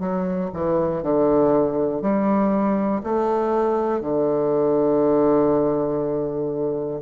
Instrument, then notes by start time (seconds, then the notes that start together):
bassoon
0.00 F#3
0.54 E3
1.03 D3
2.02 G3
3.04 A3
4.02 D3